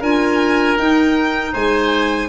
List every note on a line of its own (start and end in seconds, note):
0.00 0.77 D4
0.00 0.78 F4
0.00 1.52 A#4
0.00 0.78 G#5
0.78 1.54 D#4
0.78 2.29 D#4
0.78 1.53 G5
1.53 2.29 G#3
1.53 2.29 C5
1.53 2.29 G#5